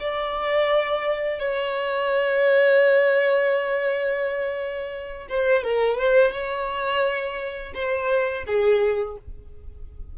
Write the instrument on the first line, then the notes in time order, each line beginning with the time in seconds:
violin
0.00 D5
1.40 C#5
5.29 C5
5.64 A#4
5.98 C5
6.32 C#5
7.74 C5
8.47 G#4